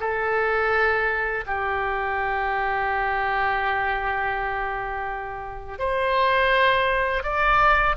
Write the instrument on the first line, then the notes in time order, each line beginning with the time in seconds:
oboe
0.00 A4
1.47 G4
5.79 C5
7.23 D5